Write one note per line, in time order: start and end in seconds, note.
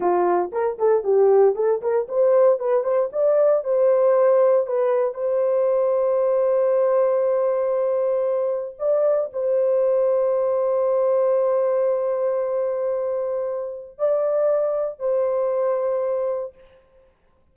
0.00 0.51 F4
0.52 0.78 A#4
0.78 1.03 A4
1.03 1.55 G4
1.55 1.81 A4
1.81 2.07 A#4
2.08 2.59 C5
2.59 2.83 B4
2.83 3.09 C5
3.12 3.63 D5
3.64 4.66 C5
4.66 5.13 B4
5.13 8.76 C5
8.78 9.30 D5
9.32 13.98 C5
13.98 14.99 D5
14.99 16.54 C5